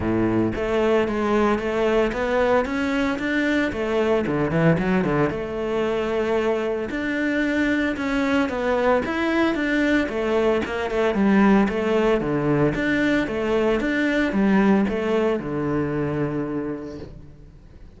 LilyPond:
\new Staff \with { instrumentName = "cello" } { \time 4/4 \tempo 4 = 113 a,4 a4 gis4 a4 | b4 cis'4 d'4 a4 | d8 e8 fis8 d8 a2~ | a4 d'2 cis'4 |
b4 e'4 d'4 a4 | ais8 a8 g4 a4 d4 | d'4 a4 d'4 g4 | a4 d2. | }